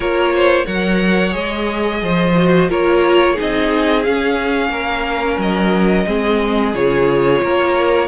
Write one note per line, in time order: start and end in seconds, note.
0.00 0.64 A#3
0.00 0.66 F4
0.00 0.33 A#4
0.00 0.66 C#5
0.34 0.65 C5
0.65 1.34 F#3
0.65 1.31 A#4
0.65 2.00 C#5
0.65 1.33 F#5
1.31 2.02 G#3
1.31 2.32 G#4
1.31 2.68 D#5
2.02 2.69 F3
2.02 2.69 C5
2.35 2.69 F#4
2.69 3.37 A#3
2.69 3.36 F4
2.69 3.33 A#4
2.69 3.38 C#5
3.33 4.03 D#4
3.33 4.68 G#4
3.33 4.03 D#5
3.41 4.07 C4
4.03 6.06 C#4
4.03 4.69 C#4
4.03 5.38 F5
4.69 5.36 A#3
4.69 6.06 A#4
5.38 6.05 F#3
5.38 6.75 D#5
6.06 6.74 G#3
6.06 6.73 C4
6.06 7.42 G#4
6.74 7.41 C#3
6.74 8.08 F4
6.74 8.08 C#5
7.42 8.08 A#3
7.42 8.08 A#4